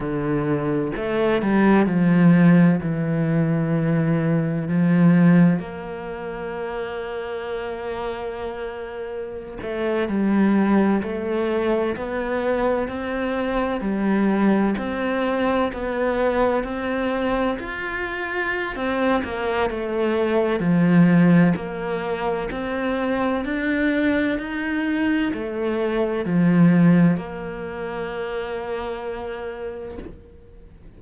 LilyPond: \new Staff \with { instrumentName = "cello" } { \time 4/4 \tempo 4 = 64 d4 a8 g8 f4 e4~ | e4 f4 ais2~ | ais2~ ais16 a8 g4 a16~ | a8. b4 c'4 g4 c'16~ |
c'8. b4 c'4 f'4~ f'16 | c'8 ais8 a4 f4 ais4 | c'4 d'4 dis'4 a4 | f4 ais2. | }